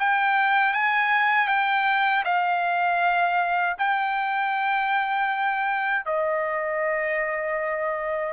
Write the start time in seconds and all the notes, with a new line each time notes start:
0.00 G5
0.74 G#5
1.48 G5
2.25 F5
3.79 G5
6.06 D#5